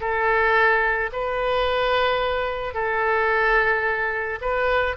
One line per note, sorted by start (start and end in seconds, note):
0.00 1.10 A4
1.12 2.74 B4
2.74 4.39 A4
4.41 4.96 B4